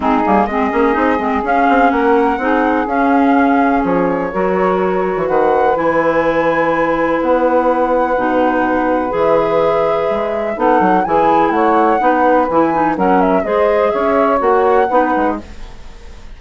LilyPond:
<<
  \new Staff \with { instrumentName = "flute" } { \time 4/4 \tempo 4 = 125 gis'4 dis''2 f''4 | fis''2 f''2 | cis''2. fis''4 | gis''2. fis''4~ |
fis''2. e''4~ | e''2 fis''4 gis''4 | fis''2 gis''4 fis''8 e''8 | dis''4 e''4 fis''2 | }
  \new Staff \with { instrumentName = "saxophone" } { \time 4/4 dis'4 gis'2. | ais'4 gis'2.~ | gis'4 ais'2 b'4~ | b'1~ |
b'1~ | b'2 a'4 gis'4 | cis''4 b'2 ais'4 | c''4 cis''2 b'4 | }
  \new Staff \with { instrumentName = "clarinet" } { \time 4/4 c'8 ais8 c'8 cis'8 dis'8 c'8 cis'4~ | cis'4 dis'4 cis'2~ | cis'4 fis'2. | e'1~ |
e'4 dis'2 gis'4~ | gis'2 dis'4 e'4~ | e'4 dis'4 e'8 dis'8 cis'4 | gis'2 fis'4 dis'4 | }
  \new Staff \with { instrumentName = "bassoon" } { \time 4/4 gis8 g8 gis8 ais8 c'8 gis8 cis'8 c'8 | ais4 c'4 cis'2 | f4 fis4.~ fis16 e16 dis4 | e2. b4~ |
b4 b,2 e4~ | e4 gis4 b8 fis8 e4 | a4 b4 e4 fis4 | gis4 cis'4 ais4 b8 gis8 | }
>>